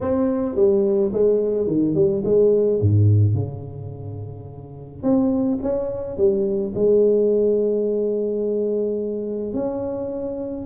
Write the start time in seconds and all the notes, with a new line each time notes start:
0.01 C4
0.55 G3
1.12 G#3
1.67 D#3
1.94 G3
2.24 G#3
2.80 G#2
3.34 C#3
5.02 C4
5.62 C#4
6.17 G3
6.74 G#3
9.53 C#4